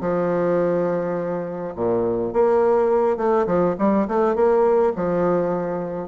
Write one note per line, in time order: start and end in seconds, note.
0.00 1.73 F3
1.75 2.33 A#2
2.33 3.17 A#3
3.17 3.46 A3
3.46 3.75 F3
3.78 4.07 G3
4.07 4.35 A3
4.35 4.92 A#3
4.95 6.08 F3